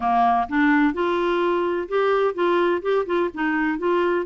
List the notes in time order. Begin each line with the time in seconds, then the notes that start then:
0.00 A#3
0.48 D4
0.93 F4
1.88 G4
2.34 F4
2.82 G4
3.05 F4
3.34 D#4
3.78 F4